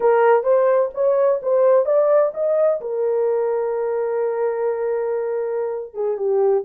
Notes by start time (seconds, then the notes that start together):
0.00 A#4
0.43 C5
0.93 C#5
1.42 C5
1.85 D5
2.33 D#5
2.80 A#4
5.94 G#4
6.17 G4